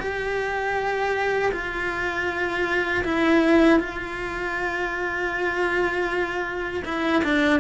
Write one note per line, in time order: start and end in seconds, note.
0.00 1.52 G4
1.53 3.04 F4
3.05 3.80 E4
3.80 6.84 F4
6.85 7.23 E4
7.25 7.61 D4